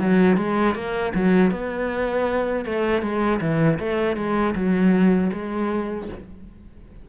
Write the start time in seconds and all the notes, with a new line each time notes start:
0.00 F#3
0.38 G#3
0.75 A#3
1.15 F#3
1.52 B3
2.65 A3
3.03 G#3
3.41 E3
3.80 A3
4.17 G#3
4.55 F#3
5.33 G#3